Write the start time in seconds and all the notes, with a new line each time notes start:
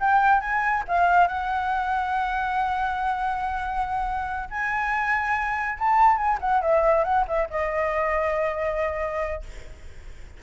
0.00 G5
0.41 G#5
0.88 F5
1.27 F#5
4.50 G#5
5.79 A5
6.17 G#5
6.40 F#5
6.62 E5
7.04 F#5
7.27 E5
7.50 D#5